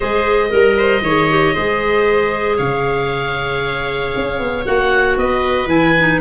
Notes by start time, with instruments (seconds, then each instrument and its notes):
0.00 tuba G#3, clarinet G#4, viola C5, oboe D#5
0.49 tuba G3, clarinet A#4
0.55 viola A#4
0.77 viola C5
1.01 tuba D#3, clarinet G#4, viola C#5
1.30 clarinet G4
1.53 tuba G#3, clarinet G#4, viola C5
2.57 tuba C#3, viola C#5, oboe F5
4.16 tuba C#4
4.39 tuba B3
4.65 tuba A#3, clarinet F#4, oboe F#5
5.16 tuba B3, viola B4, oboe D#5
5.66 tuba E3, clarinet E4, oboe G#5
5.98 clarinet D#4